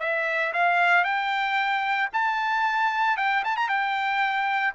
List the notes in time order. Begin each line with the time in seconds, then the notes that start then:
0.00 E5
0.53 F5
1.04 G5
2.13 A5
3.17 G5
3.44 A5
3.57 A#5
3.69 G5